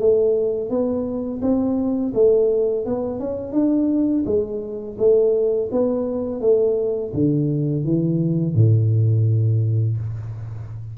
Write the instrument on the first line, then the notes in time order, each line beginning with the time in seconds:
tuba
0.00 A3
0.70 B3
1.42 C4
2.14 A3
2.86 B3
3.20 C#4
3.53 D4
4.26 G#3
4.98 A3
5.72 B3
6.41 A3
7.14 D3
7.85 E3
8.55 A2